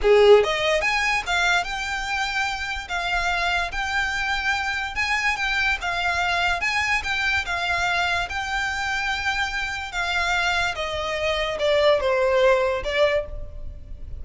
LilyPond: \new Staff \with { instrumentName = "violin" } { \time 4/4 \tempo 4 = 145 gis'4 dis''4 gis''4 f''4 | g''2. f''4~ | f''4 g''2. | gis''4 g''4 f''2 |
gis''4 g''4 f''2 | g''1 | f''2 dis''2 | d''4 c''2 d''4 | }